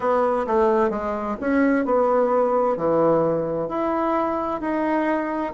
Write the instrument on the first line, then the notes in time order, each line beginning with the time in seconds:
bassoon
0.00 B3
0.47 A3
0.89 G#3
1.40 C#4
1.85 B3
2.77 E3
3.68 E4
4.60 D#4